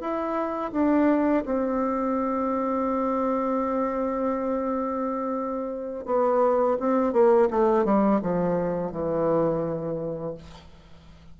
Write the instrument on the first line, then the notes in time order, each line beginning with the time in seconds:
bassoon
0.00 E4
0.71 D4
1.45 C4
6.05 B3
6.79 C4
7.12 A#3
7.50 A3
7.84 G3
8.21 F3
8.91 E3